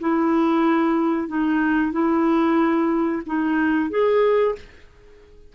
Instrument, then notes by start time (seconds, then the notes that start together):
clarinet
0.00 E4
1.28 D#4
1.92 E4
3.26 D#4
3.90 G#4